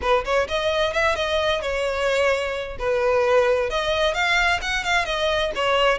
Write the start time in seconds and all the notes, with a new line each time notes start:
0.01 B4
0.24 C#5
0.48 D#5
0.93 E5
1.15 D#5
1.61 C#5
2.78 B4
3.69 D#5
4.13 F5
4.61 F#5
4.84 F5
5.05 D#5
5.55 C#5